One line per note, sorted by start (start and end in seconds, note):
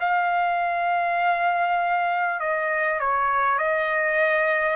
0.00 2.40 F5
2.40 3.00 D#5
3.00 3.58 C#5
3.58 4.76 D#5